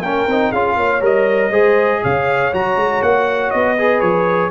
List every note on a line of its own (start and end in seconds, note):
0.00 0.25 A#3
0.00 0.28 C#4
0.00 0.50 A#4
0.00 0.52 G5
0.27 0.52 C4
0.27 0.55 D#4
0.50 0.77 C#4
0.50 1.00 F4
0.50 0.75 G#4
0.50 1.02 F5
0.76 1.01 A#3
0.76 1.50 C#5
1.00 1.50 G3
1.00 1.50 A#4
1.00 2.03 D#5
1.50 2.00 G#3
1.50 2.52 G#4
1.50 2.00 C5
2.02 2.53 C#3
2.02 3.77 C#5
2.02 2.53 F5
2.52 2.76 F#3
2.52 3.77 F#4
2.52 3.02 A#5
2.76 3.01 G#3
3.02 3.52 A#3
3.02 3.50 F#5
3.50 4.01 B3
3.50 4.00 D#5
3.77 4.51 G#4
3.77 4.51 B4
4.00 4.51 F3
4.00 4.50 C#5